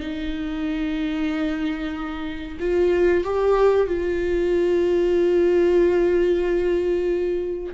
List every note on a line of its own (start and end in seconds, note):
0.00 2.58 D#4
2.60 3.24 F4
3.24 3.87 G4
3.87 7.74 F4